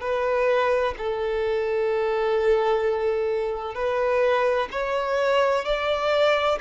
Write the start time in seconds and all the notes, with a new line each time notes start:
0.00 B4
0.98 A4
3.74 B4
4.71 C#5
5.65 D5